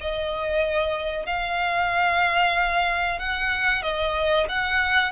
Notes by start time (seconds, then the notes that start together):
0.00 D#5
1.26 F5
3.19 F#5
3.82 D#5
4.48 F#5